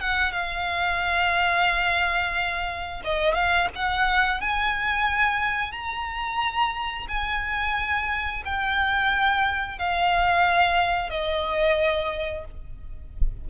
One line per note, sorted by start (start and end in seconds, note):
0.00 0.32 F#5
0.32 3.02 F5
3.04 3.34 D#5
3.34 3.68 F5
3.75 4.40 F#5
4.40 5.72 G#5
5.72 7.07 A#5
7.08 8.43 G#5
8.45 9.79 G5
9.79 11.10 F5
11.10 12.44 D#5